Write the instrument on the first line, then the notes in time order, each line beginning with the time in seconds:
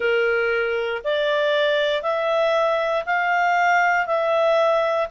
clarinet
0.00 A#4
1.04 D5
2.02 E5
3.05 F5
4.06 E5